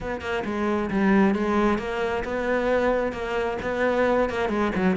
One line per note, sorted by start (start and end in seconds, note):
0.01 0.21 B3
0.21 0.43 A#3
0.44 0.89 G#3
0.90 1.35 G3
1.35 1.78 G#3
1.78 2.23 A#3
2.24 3.12 B3
3.12 3.57 A#3
3.62 4.29 B3
4.29 4.49 A#3
4.49 4.71 G#3
4.75 4.96 F#3